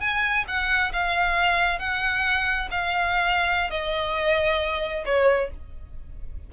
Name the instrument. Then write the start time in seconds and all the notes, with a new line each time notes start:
violin
0.00 G#5
0.47 F#5
0.93 F5
1.79 F#5
2.71 F5
3.70 D#5
5.05 C#5